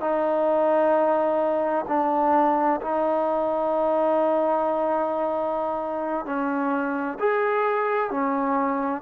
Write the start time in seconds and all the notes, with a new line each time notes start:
0.00 D#4
1.88 D4
2.81 D#4
6.26 C#4
7.19 G#4
8.10 C#4